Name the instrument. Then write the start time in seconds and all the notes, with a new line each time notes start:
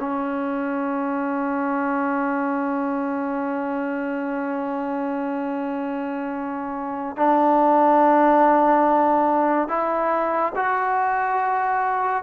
trombone
0.00 C#4
7.17 D4
9.69 E4
10.56 F#4